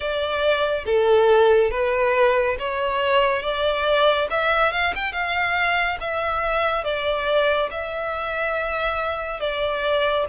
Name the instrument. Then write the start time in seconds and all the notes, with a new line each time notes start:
violin
0.00 D5
0.85 A4
1.70 B4
2.59 C#5
3.42 D5
4.30 E5
4.72 F5
4.95 G5
5.12 F5
6.00 E5
6.84 D5
7.70 E5
9.39 D5